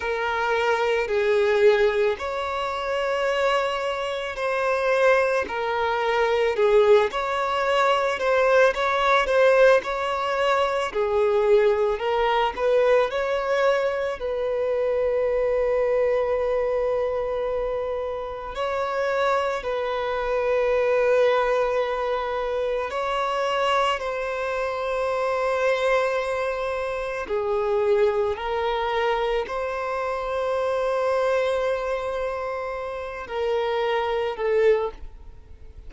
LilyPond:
\new Staff \with { instrumentName = "violin" } { \time 4/4 \tempo 4 = 55 ais'4 gis'4 cis''2 | c''4 ais'4 gis'8 cis''4 c''8 | cis''8 c''8 cis''4 gis'4 ais'8 b'8 | cis''4 b'2.~ |
b'4 cis''4 b'2~ | b'4 cis''4 c''2~ | c''4 gis'4 ais'4 c''4~ | c''2~ c''8 ais'4 a'8 | }